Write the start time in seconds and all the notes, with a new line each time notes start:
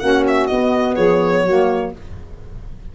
0.00 A#3 C#4 F#4 F#5
0.28 E5
0.47 B3 D#5
0.96 F3 G#4 C#5
1.44 F#3 A#3 F#4